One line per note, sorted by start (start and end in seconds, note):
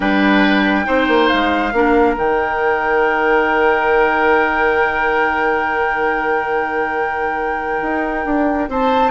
0.00 0.86 G3
0.00 0.84 D4
0.00 0.85 B4
0.00 1.27 G5
0.84 1.07 C4
0.84 1.71 D#4
0.84 1.73 C5
1.07 1.29 A#3
1.27 1.72 G#3
1.27 2.14 F5
1.72 2.16 A#3
1.72 2.17 D4
1.72 8.70 A#4
2.17 7.82 D#3
2.17 9.11 D#4
2.17 8.70 G5
7.82 8.25 D#4
8.25 8.68 D4
8.68 9.11 C4
8.68 9.11 C5
8.68 9.11 A5